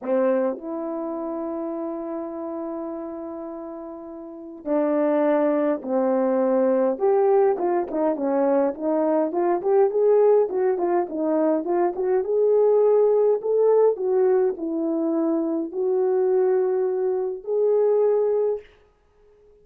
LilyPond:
\new Staff \with { instrumentName = "horn" } { \time 4/4 \tempo 4 = 103 c'4 e'2.~ | e'1 | d'2 c'2 | g'4 f'8 dis'8 cis'4 dis'4 |
f'8 g'8 gis'4 fis'8 f'8 dis'4 | f'8 fis'8 gis'2 a'4 | fis'4 e'2 fis'4~ | fis'2 gis'2 | }